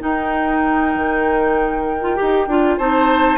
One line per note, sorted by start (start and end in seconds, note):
0.00 2.01 D#4
0.00 0.95 D#4
0.00 2.77 A#4
0.00 2.78 G5
0.95 2.19 D#3
2.01 2.16 F4
2.16 2.47 D#4
2.16 2.47 G4
2.47 2.78 D4
2.47 2.79 F4
2.77 3.38 C4
2.77 3.38 D#4
2.77 3.38 C5
2.77 3.38 A5